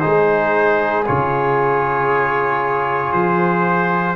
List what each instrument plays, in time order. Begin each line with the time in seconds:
0.00 tuba G#3, trombone D#4, horn G#4, trumpet C5
1.06 tuba C#3, trombone F4, trumpet C#5
3.12 tuba F3, trumpet C5